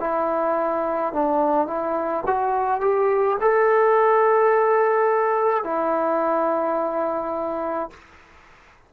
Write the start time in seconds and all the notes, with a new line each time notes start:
0.00 E4
1.14 D4
1.68 E4
2.26 F#4
2.81 G4
3.41 A4
5.64 E4